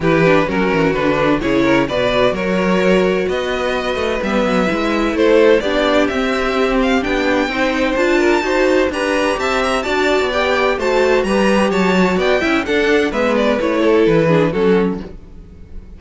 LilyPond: <<
  \new Staff \with { instrumentName = "violin" } { \time 4/4 \tempo 4 = 128 b'4 ais'4 b'4 cis''4 | d''4 cis''2 dis''4~ | dis''4 e''2 c''4 | d''4 e''4. f''8 g''4~ |
g''4 a''2 ais''4 | a''8 ais''8 a''4 g''4 a''4 | ais''4 a''4 g''4 fis''4 | e''8 d''8 cis''4 b'4 a'4 | }
  \new Staff \with { instrumentName = "violin" } { \time 4/4 g'4 fis'2 gis'8 ais'8 | b'4 ais'2 b'4~ | b'2. a'4 | g'1 |
c''4. ais'8 c''4 b'4 | e''4 d''2 c''4 | b'4 cis''4 d''8 e''8 a'4 | b'4. a'4 gis'8 fis'4 | }
  \new Staff \with { instrumentName = "viola" } { \time 4/4 e'8 d'8 cis'4 d'4 e'4 | fis'1~ | fis'4 b4 e'2 | d'4 c'2 d'4 |
dis'4 f'4 fis'4 g'4~ | g'4 fis'4 g'4 fis'4 | g'4. fis'4 e'8 d'4 | b4 e'4. d'8 cis'4 | }
  \new Staff \with { instrumentName = "cello" } { \time 4/4 e4 fis8 e8 d4 cis4 | b,4 fis2 b4~ | b8 a8 g8 fis8 gis4 a4 | b4 c'2 b4 |
c'4 d'4 dis'4 d'4 | c'4 d'8. b4~ b16 a4 | g4 fis4 b8 cis'8 d'4 | gis4 a4 e4 fis4 | }
>>